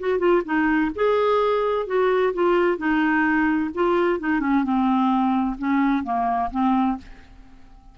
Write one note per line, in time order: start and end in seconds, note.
0.00 0.19 F#4
0.19 0.42 F4
0.45 0.92 D#4
0.95 1.87 G#4
1.87 2.33 F#4
2.34 2.78 F4
2.78 3.71 D#4
3.75 4.20 F4
4.20 4.40 D#4
4.40 4.64 C#4
4.64 5.57 C4
5.59 6.04 C#4
6.04 6.50 A#3
6.51 6.98 C4